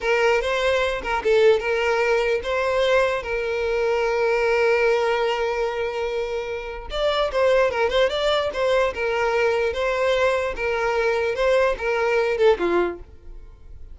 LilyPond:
\new Staff \with { instrumentName = "violin" } { \time 4/4 \tempo 4 = 148 ais'4 c''4. ais'8 a'4 | ais'2 c''2 | ais'1~ | ais'1~ |
ais'4 d''4 c''4 ais'8 c''8 | d''4 c''4 ais'2 | c''2 ais'2 | c''4 ais'4. a'8 f'4 | }